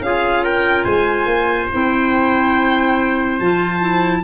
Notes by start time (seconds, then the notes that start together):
0.00 C#4 F4 G#4 F5
0.43 A#4 G5
0.84 G#3 C5 G#5
1.25 A#3
1.72 C4 E4 G5
3.39 F3 F4 A5
3.80 E4